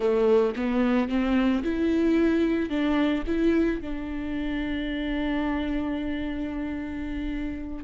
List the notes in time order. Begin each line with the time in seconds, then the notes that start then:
0.00 A3
0.56 B3
1.08 C4
1.63 E4
2.69 D4
3.27 E4
3.81 D4